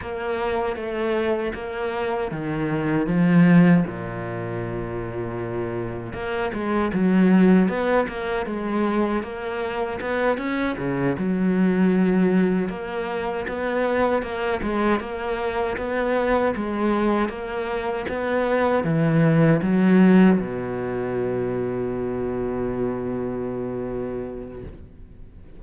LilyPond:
\new Staff \with { instrumentName = "cello" } { \time 4/4 \tempo 4 = 78 ais4 a4 ais4 dis4 | f4 ais,2. | ais8 gis8 fis4 b8 ais8 gis4 | ais4 b8 cis'8 cis8 fis4.~ |
fis8 ais4 b4 ais8 gis8 ais8~ | ais8 b4 gis4 ais4 b8~ | b8 e4 fis4 b,4.~ | b,1 | }